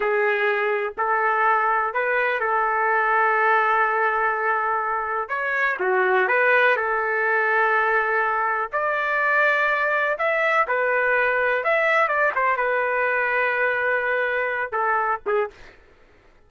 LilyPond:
\new Staff \with { instrumentName = "trumpet" } { \time 4/4 \tempo 4 = 124 gis'2 a'2 | b'4 a'2.~ | a'2. cis''4 | fis'4 b'4 a'2~ |
a'2 d''2~ | d''4 e''4 b'2 | e''4 d''8 c''8 b'2~ | b'2~ b'8 a'4 gis'8 | }